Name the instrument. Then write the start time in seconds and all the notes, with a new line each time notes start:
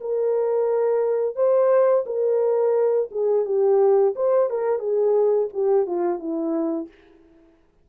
horn
0.00 A#4
1.35 C5
2.06 A#4
3.11 G#4
3.45 G4
4.15 C5
4.50 A#4
4.79 G#4
5.53 G4
5.86 F4
6.19 E4